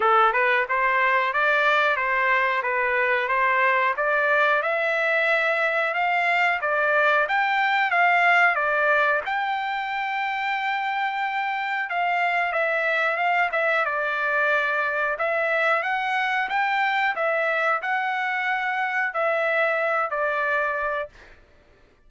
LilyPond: \new Staff \with { instrumentName = "trumpet" } { \time 4/4 \tempo 4 = 91 a'8 b'8 c''4 d''4 c''4 | b'4 c''4 d''4 e''4~ | e''4 f''4 d''4 g''4 | f''4 d''4 g''2~ |
g''2 f''4 e''4 | f''8 e''8 d''2 e''4 | fis''4 g''4 e''4 fis''4~ | fis''4 e''4. d''4. | }